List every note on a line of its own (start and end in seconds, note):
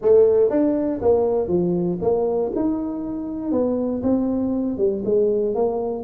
0.01 0.50 A3
0.50 1.00 D4
1.01 1.48 A#3
1.48 1.98 F3
2.01 2.52 A#3
2.55 3.51 D#4
3.51 4.02 B3
4.02 4.77 C4
4.77 5.02 G3
5.04 5.54 G#3
5.54 6.04 A#3